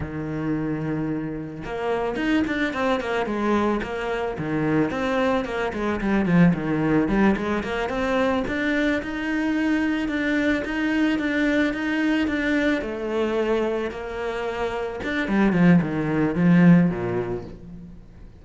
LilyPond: \new Staff \with { instrumentName = "cello" } { \time 4/4 \tempo 4 = 110 dis2. ais4 | dis'8 d'8 c'8 ais8 gis4 ais4 | dis4 c'4 ais8 gis8 g8 f8 | dis4 g8 gis8 ais8 c'4 d'8~ |
d'8 dis'2 d'4 dis'8~ | dis'8 d'4 dis'4 d'4 a8~ | a4. ais2 d'8 | g8 f8 dis4 f4 ais,4 | }